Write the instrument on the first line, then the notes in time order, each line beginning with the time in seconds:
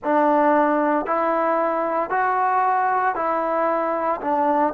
trombone
0.03 D4
1.06 E4
2.10 F#4
3.15 E4
4.21 D4